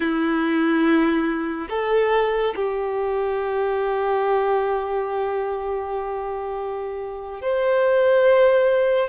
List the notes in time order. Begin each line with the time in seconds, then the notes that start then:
0.00 E4
1.69 A4
2.55 G4
7.41 C5